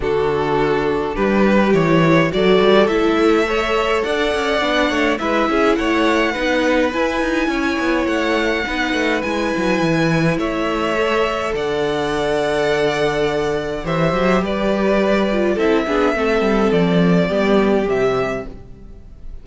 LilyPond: <<
  \new Staff \with { instrumentName = "violin" } { \time 4/4 \tempo 4 = 104 a'2 b'4 cis''4 | d''4 e''2 fis''4~ | fis''4 e''4 fis''2 | gis''2 fis''2 |
gis''2 e''2 | fis''1 | e''4 d''2 e''4~ | e''4 d''2 e''4 | }
  \new Staff \with { instrumentName = "violin" } { \time 4/4 fis'2 g'2 | a'2 cis''4 d''4~ | d''8 cis''8 b'8 gis'8 cis''4 b'4~ | b'4 cis''2 b'4~ |
b'2 cis''2 | d''1 | c''4 b'2 a'8 gis'8 | a'2 g'2 | }
  \new Staff \with { instrumentName = "viola" } { \time 4/4 d'2. e'4 | fis'4 e'4 a'2 | d'4 e'2 dis'4 | e'2. dis'4 |
e'2. a'4~ | a'1 | g'2~ g'8 f'8 e'8 d'8 | c'2 b4 g4 | }
  \new Staff \with { instrumentName = "cello" } { \time 4/4 d2 g4 e4 | fis8 g8 a2 d'8 cis'8 | b8 a8 gis8 cis'8 a4 b4 | e'8 dis'8 cis'8 b8 a4 b8 a8 |
gis8 fis8 e4 a2 | d1 | e8 fis8 g2 c'8 b8 | a8 g8 f4 g4 c4 | }
>>